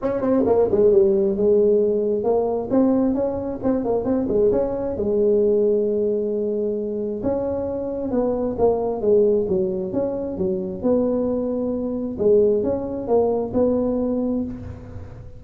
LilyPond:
\new Staff \with { instrumentName = "tuba" } { \time 4/4 \tempo 4 = 133 cis'8 c'8 ais8 gis8 g4 gis4~ | gis4 ais4 c'4 cis'4 | c'8 ais8 c'8 gis8 cis'4 gis4~ | gis1 |
cis'2 b4 ais4 | gis4 fis4 cis'4 fis4 | b2. gis4 | cis'4 ais4 b2 | }